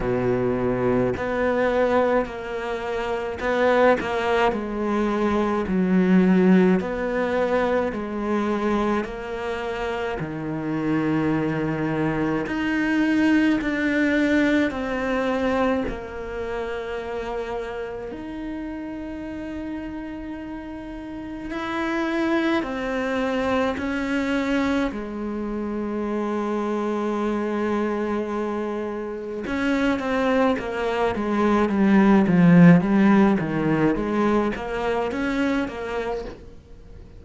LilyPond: \new Staff \with { instrumentName = "cello" } { \time 4/4 \tempo 4 = 53 b,4 b4 ais4 b8 ais8 | gis4 fis4 b4 gis4 | ais4 dis2 dis'4 | d'4 c'4 ais2 |
dis'2. e'4 | c'4 cis'4 gis2~ | gis2 cis'8 c'8 ais8 gis8 | g8 f8 g8 dis8 gis8 ais8 cis'8 ais8 | }